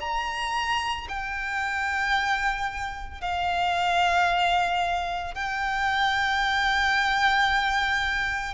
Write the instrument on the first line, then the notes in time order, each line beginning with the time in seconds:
violin
0.00 A#5
1.09 G5
3.21 F5
5.35 G5